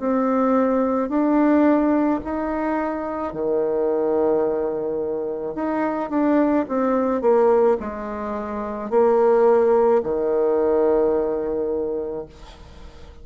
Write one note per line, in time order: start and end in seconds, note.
0.00 1.09 C4
1.09 2.20 D4
2.24 3.33 D#4
3.33 5.55 D#3
5.55 6.10 D#4
6.10 6.66 D4
6.69 7.22 C4
7.22 7.77 A#3
7.80 8.90 G#3
8.90 10.02 A#3
10.04 12.26 D#3